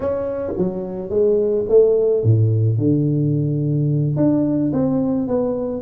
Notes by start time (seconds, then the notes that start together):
0.00 C#4
0.57 F#3
1.09 G#3
1.68 A3
2.23 A2
2.78 D3
4.16 D4
4.72 C4
5.27 B3